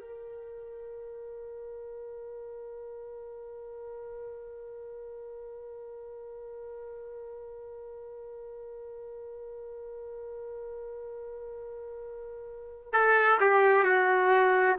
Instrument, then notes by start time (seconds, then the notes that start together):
trumpet
0.00 A#4
12.92 A4
13.40 G4
13.83 F#4